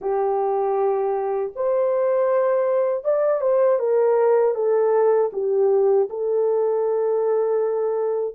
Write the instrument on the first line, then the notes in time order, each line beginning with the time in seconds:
horn
0.01 G4
1.55 C5
3.04 D5
3.41 C5
3.79 A#4
4.54 A4
5.33 G4
6.09 A4